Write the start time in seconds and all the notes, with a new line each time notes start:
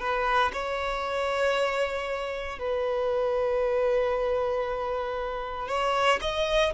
0.00 B4
0.53 C#5
2.59 B4
5.68 C#5
6.22 D#5